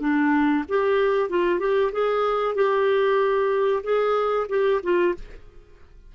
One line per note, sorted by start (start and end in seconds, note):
0.00 0.64 D4
0.68 1.29 G4
1.29 1.59 F4
1.59 1.91 G4
1.92 2.55 G#4
2.55 3.82 G4
3.83 4.47 G#4
4.49 4.80 G4
4.82 5.14 F4